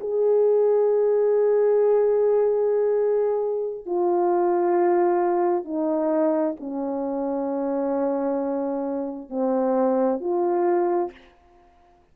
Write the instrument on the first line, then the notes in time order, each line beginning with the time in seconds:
horn
0.00 G#4
3.86 F4
5.64 D#4
6.60 C#4
9.29 C4
10.20 F4